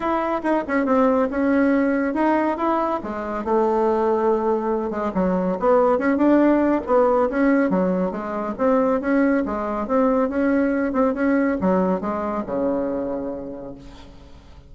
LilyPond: \new Staff \with { instrumentName = "bassoon" } { \time 4/4 \tempo 4 = 140 e'4 dis'8 cis'8 c'4 cis'4~ | cis'4 dis'4 e'4 gis4 | a2.~ a8 gis8 | fis4 b4 cis'8 d'4. |
b4 cis'4 fis4 gis4 | c'4 cis'4 gis4 c'4 | cis'4. c'8 cis'4 fis4 | gis4 cis2. | }